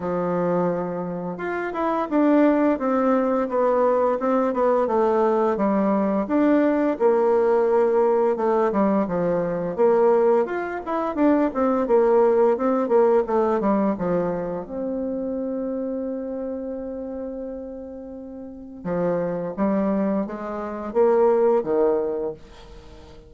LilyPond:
\new Staff \with { instrumentName = "bassoon" } { \time 4/4 \tempo 4 = 86 f2 f'8 e'8 d'4 | c'4 b4 c'8 b8 a4 | g4 d'4 ais2 | a8 g8 f4 ais4 f'8 e'8 |
d'8 c'8 ais4 c'8 ais8 a8 g8 | f4 c'2.~ | c'2. f4 | g4 gis4 ais4 dis4 | }